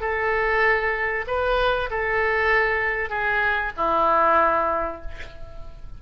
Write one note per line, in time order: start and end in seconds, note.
0.00 1.25 A4
1.27 1.89 B4
1.90 3.09 A4
3.09 3.72 G#4
3.76 5.01 E4